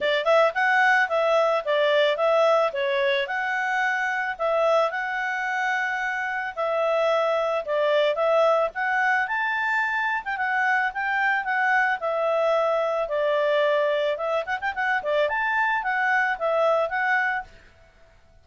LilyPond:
\new Staff \with { instrumentName = "clarinet" } { \time 4/4 \tempo 4 = 110 d''8 e''8 fis''4 e''4 d''4 | e''4 cis''4 fis''2 | e''4 fis''2. | e''2 d''4 e''4 |
fis''4 a''4.~ a''16 g''16 fis''4 | g''4 fis''4 e''2 | d''2 e''8 fis''16 g''16 fis''8 d''8 | a''4 fis''4 e''4 fis''4 | }